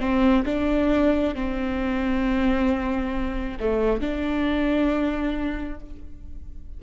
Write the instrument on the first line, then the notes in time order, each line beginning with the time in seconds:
viola
0.00 C4
0.46 D4
1.35 C4
3.60 A3
4.01 D4